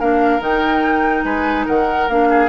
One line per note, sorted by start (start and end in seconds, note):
0.00 0.39 A#3
0.00 0.40 D4
0.00 1.25 A#4
0.00 0.42 F5
0.39 1.23 D#3
0.39 2.07 D#4
0.39 1.23 G5
1.23 1.66 G#3
1.23 1.66 B4
1.23 1.65 G#5
1.66 2.08 D#3
1.66 2.28 A#4
1.66 2.09 F#5
2.08 2.49 A#3
2.08 2.49 D4
2.08 2.49 F5
2.30 2.49 G#4